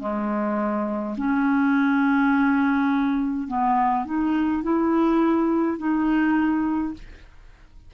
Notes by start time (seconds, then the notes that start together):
0.00 G#3
1.17 C#4
3.48 B3
4.05 D#4
4.63 E4
5.78 D#4